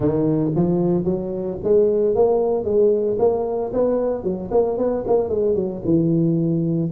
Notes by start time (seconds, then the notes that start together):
0.00 D#3
0.55 F3
1.04 F#3
1.63 G#3
2.15 A#3
2.64 G#3
3.19 A#3
3.73 B3
4.23 F#3
4.51 A#3
4.77 B3
5.06 A#3
5.29 G#3
5.55 F#3
5.84 E3